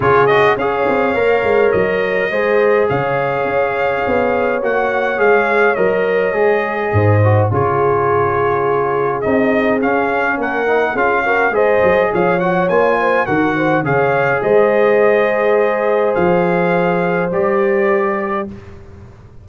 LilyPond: <<
  \new Staff \with { instrumentName = "trumpet" } { \time 4/4 \tempo 4 = 104 cis''8 dis''8 f''2 dis''4~ | dis''4 f''2. | fis''4 f''4 dis''2~ | dis''4 cis''2. |
dis''4 f''4 fis''4 f''4 | dis''4 f''8 fis''8 gis''4 fis''4 | f''4 dis''2. | f''2 d''2 | }
  \new Staff \with { instrumentName = "horn" } { \time 4/4 gis'4 cis''2. | c''4 cis''2.~ | cis''1 | c''4 gis'2.~ |
gis'2 ais'4 gis'8 ais'8 | c''4 cis''4. c''8 ais'8 c''8 | cis''4 c''2.~ | c''1 | }
  \new Staff \with { instrumentName = "trombone" } { \time 4/4 f'8 fis'8 gis'4 ais'2 | gis'1 | fis'4 gis'4 ais'4 gis'4~ | gis'8 fis'8 f'2. |
dis'4 cis'4. dis'8 f'8 fis'8 | gis'4. fis'8 f'4 fis'4 | gis'1~ | gis'2 g'2 | }
  \new Staff \with { instrumentName = "tuba" } { \time 4/4 cis4 cis'8 c'8 ais8 gis8 fis4 | gis4 cis4 cis'4 b4 | ais4 gis4 fis4 gis4 | gis,4 cis2. |
c'4 cis'4 ais4 cis'4 | gis8 fis8 f4 ais4 dis4 | cis4 gis2. | f2 g2 | }
>>